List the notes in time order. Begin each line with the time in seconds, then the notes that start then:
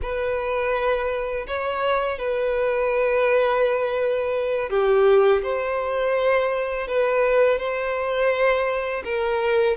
0.02 B4
1.47 C#5
2.18 B4
4.69 G4
5.42 C5
6.87 B4
7.58 C5
9.04 A#4